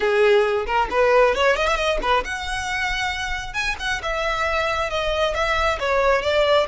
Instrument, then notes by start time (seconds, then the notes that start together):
violin
0.00 G#4
0.66 A#4
0.90 B4
1.34 C#5
1.56 D#5
1.67 E5
1.76 D#5
2.02 B4
2.24 F#5
3.53 G#5
3.79 F#5
4.02 E5
4.90 D#5
5.34 E5
5.79 C#5
6.22 D5